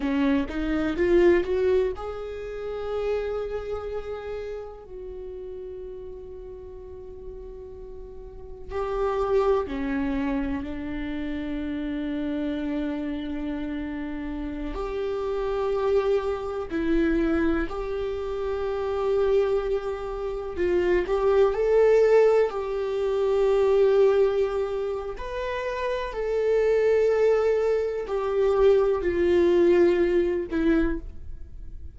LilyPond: \new Staff \with { instrumentName = "viola" } { \time 4/4 \tempo 4 = 62 cis'8 dis'8 f'8 fis'8 gis'2~ | gis'4 fis'2.~ | fis'4 g'4 cis'4 d'4~ | d'2.~ d'16 g'8.~ |
g'4~ g'16 e'4 g'4.~ g'16~ | g'4~ g'16 f'8 g'8 a'4 g'8.~ | g'2 b'4 a'4~ | a'4 g'4 f'4. e'8 | }